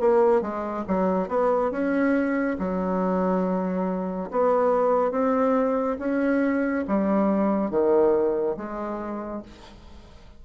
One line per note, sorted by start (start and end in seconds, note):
0.00 0.41 A#3
0.41 0.84 G#3
0.88 1.29 F#3
1.29 1.71 B3
1.71 2.57 C#4
2.59 4.30 F#3
4.31 5.11 B3
5.11 5.97 C4
5.99 6.85 C#4
6.88 7.70 G3
7.70 8.56 D#3
8.57 9.42 G#3